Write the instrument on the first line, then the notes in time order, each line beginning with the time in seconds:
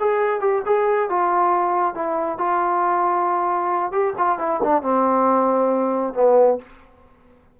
trombone
0.00 G#4
0.41 G4
0.66 G#4
1.10 F4
1.95 E4
2.38 F4
3.92 G4
4.18 F4
4.39 E4
4.64 D4
4.82 C4
6.14 B3